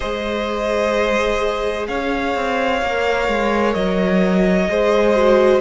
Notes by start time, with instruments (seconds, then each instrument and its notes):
0.00 cello G#3, viola G#4, violin C5 D#5
1.87 cello C#4, violin C#5 F5
2.35 cello C4
2.82 cello A#3, viola A#4
3.28 cello G#3
3.74 cello F#3, violin D#5
4.69 cello G#3, viola G#4, violin C5
5.16 viola F#4